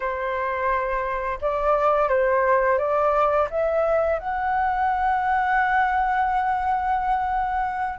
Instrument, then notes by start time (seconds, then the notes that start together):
flute
0.00 C5
1.41 D5
2.09 C5
2.78 D5
3.50 E5
4.19 F#5